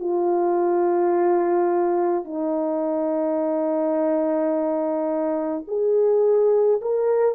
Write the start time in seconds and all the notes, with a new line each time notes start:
0.00 F4
2.25 D#4
5.68 G#4
6.81 A#4